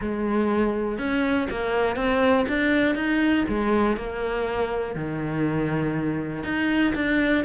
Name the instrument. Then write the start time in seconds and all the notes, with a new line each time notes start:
cello
0.01 G#3
0.98 C#4
1.50 A#3
1.96 C4
2.48 D4
2.95 D#4
3.48 G#3
3.96 A#3
4.95 D#3
6.43 D#4
6.94 D4